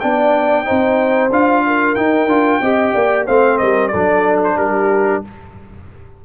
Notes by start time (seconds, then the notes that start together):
0.00 B3 D4 D5 G5
0.65 C4 D#4 C5
1.30 D4 F4 F5
1.67 A#4
1.95 D#4 G5
2.26 D4 F4
2.61 C4 G4 D#5
2.94 A#3 D5
3.26 A3 C4 C5 F5
3.58 G3 A#4 D#5
3.88 F#3 A4 D5
3.94 D4
4.44 C5
4.57 G3 G4 A#4